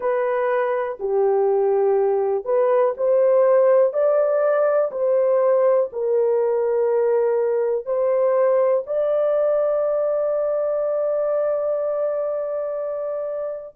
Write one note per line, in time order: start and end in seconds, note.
0.00 0.98 B4
0.99 2.45 G4
2.45 2.94 B4
2.97 3.93 C5
3.93 4.91 D5
4.91 5.90 C5
5.92 7.85 A#4
7.85 8.83 C5
8.86 13.75 D5